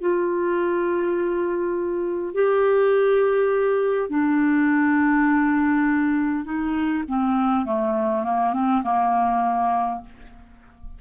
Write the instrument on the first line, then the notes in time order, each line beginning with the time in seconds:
clarinet
0.00 F4
2.34 G4
4.09 D4
6.44 D#4
7.08 C4
7.65 A3
8.24 A#3
8.53 C4
8.83 A#3